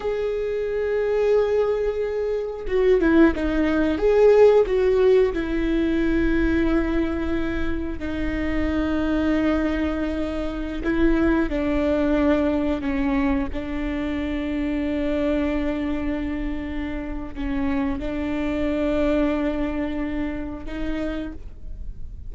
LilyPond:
\new Staff \with { instrumentName = "viola" } { \time 4/4 \tempo 4 = 90 gis'1 | fis'8 e'8 dis'4 gis'4 fis'4 | e'1 | dis'1~ |
dis'16 e'4 d'2 cis'8.~ | cis'16 d'2.~ d'8.~ | d'2 cis'4 d'4~ | d'2. dis'4 | }